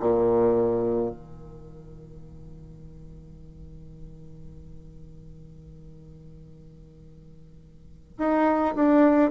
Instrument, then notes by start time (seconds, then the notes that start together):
bassoon
0.00 A#2
1.10 D#3
8.18 D#4
8.75 D4